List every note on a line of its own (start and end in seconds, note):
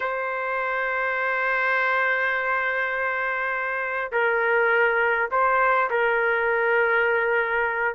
0.00 4.11 C5
4.12 5.29 A#4
5.31 5.90 C5
5.90 7.94 A#4